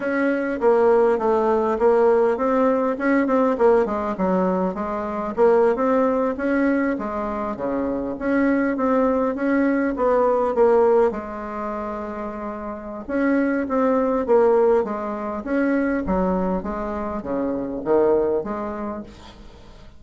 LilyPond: \new Staff \with { instrumentName = "bassoon" } { \time 4/4 \tempo 4 = 101 cis'4 ais4 a4 ais4 | c'4 cis'8 c'8 ais8 gis8 fis4 | gis4 ais8. c'4 cis'4 gis16~ | gis8. cis4 cis'4 c'4 cis'16~ |
cis'8. b4 ais4 gis4~ gis16~ | gis2 cis'4 c'4 | ais4 gis4 cis'4 fis4 | gis4 cis4 dis4 gis4 | }